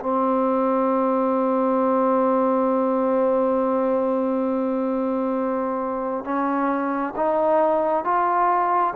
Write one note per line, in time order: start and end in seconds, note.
0.00 6.24 C4
6.24 7.14 C#4
7.16 8.05 D#4
8.05 8.94 F4